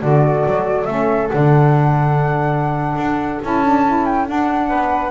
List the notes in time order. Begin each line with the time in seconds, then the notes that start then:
0.00 D3 F#4 A4 D5
0.46 F#3
0.85 A3 C#4 E5
1.30 D3 D4 F#5
2.97 D4
3.43 C#4 E4 A5
3.65 D4
3.86 E4
4.05 G5
4.27 D4 F#5
4.69 B3 B4